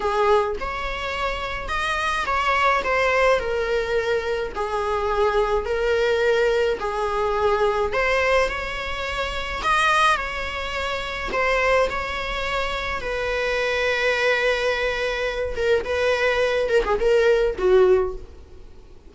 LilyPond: \new Staff \with { instrumentName = "viola" } { \time 4/4 \tempo 4 = 106 gis'4 cis''2 dis''4 | cis''4 c''4 ais'2 | gis'2 ais'2 | gis'2 c''4 cis''4~ |
cis''4 dis''4 cis''2 | c''4 cis''2 b'4~ | b'2.~ b'8 ais'8 | b'4. ais'16 gis'16 ais'4 fis'4 | }